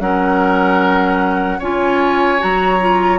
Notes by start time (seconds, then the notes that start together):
0.00 F#3 C#4 A#4 F#5
1.59 C#4 F4 C#5 G#5
2.39 F#3 F#4 A#5
2.81 F4